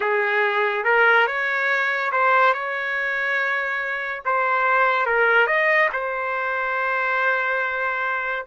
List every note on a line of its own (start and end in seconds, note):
0.00 0.84 G#4
0.84 1.26 A#4
1.26 2.11 C#5
2.12 2.53 C5
2.53 4.22 C#5
4.25 5.06 C5
5.06 5.47 A#4
5.47 5.89 D#5
5.92 8.46 C5